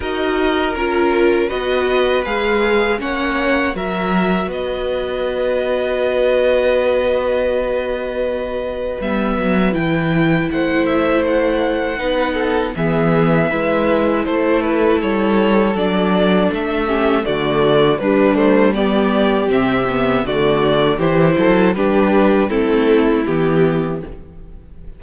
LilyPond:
<<
  \new Staff \with { instrumentName = "violin" } { \time 4/4 \tempo 4 = 80 dis''4 ais'4 dis''4 f''4 | fis''4 e''4 dis''2~ | dis''1 | e''4 g''4 fis''8 e''8 fis''4~ |
fis''4 e''2 c''8 b'8 | cis''4 d''4 e''4 d''4 | b'8 c''8 d''4 e''4 d''4 | c''4 b'4 a'4 g'4 | }
  \new Staff \with { instrumentName = "violin" } { \time 4/4 ais'2 b'2 | cis''4 ais'4 b'2~ | b'1~ | b'2 c''2 |
b'8 a'8 gis'4 b'4 a'4~ | a'2~ a'8 g'8 fis'4 | d'4 g'2 fis'4 | g'8 a'8 g'4 e'2 | }
  \new Staff \with { instrumentName = "viola" } { \time 4/4 fis'4 f'4 fis'4 gis'4 | cis'4 fis'2.~ | fis'1 | b4 e'2. |
dis'4 b4 e'2~ | e'4 d'4. cis'8 a4 | g8 a8 b4 c'8 b8 a4 | e'4 d'4 c'4 b4 | }
  \new Staff \with { instrumentName = "cello" } { \time 4/4 dis'4 cis'4 b4 gis4 | ais4 fis4 b2~ | b1 | g8 fis8 e4 a2 |
b4 e4 gis4 a4 | g4 fis4 a4 d4 | g2 c4 d4 | e8 fis8 g4 a4 e4 | }
>>